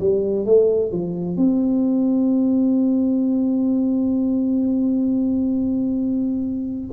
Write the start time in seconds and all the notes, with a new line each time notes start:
0.00 G3
0.46 A3
0.92 F3
1.37 C4